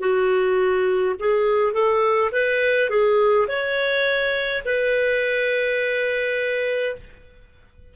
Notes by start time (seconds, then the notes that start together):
0.00 F#4
1.20 G#4
1.73 A4
2.32 B4
2.90 G#4
3.48 C#5
4.65 B4